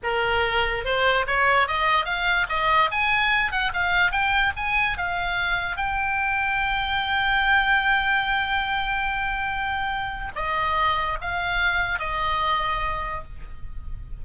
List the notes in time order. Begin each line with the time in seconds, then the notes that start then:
0.03 A#4
0.84 C5
1.27 C#5
1.67 D#5
2.05 F5
2.49 D#5
2.91 G#5
3.51 F#5
3.73 F5
4.11 G5
4.56 G#5
4.97 F5
5.76 G5
10.35 D#5
11.21 F5
11.99 D#5